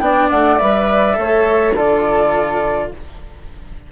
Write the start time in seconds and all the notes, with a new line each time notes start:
0.00 B3 D4 D5 G5
0.30 A3 F#5
0.59 G3 B4 E5
1.14 A3 A4 C#5
1.75 D3 F4 A4 D5